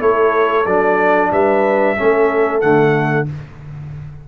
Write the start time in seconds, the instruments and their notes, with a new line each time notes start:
0.00 tuba A3, trombone E4, horn A4, trumpet C#5
0.66 tuba F#3, trombone D4, trumpet D5
1.31 tuba G3, horn B4, trumpet E5
1.97 tuba A3, trombone C#4, horn A4
2.61 tuba D3, trombone A3, trumpet F#5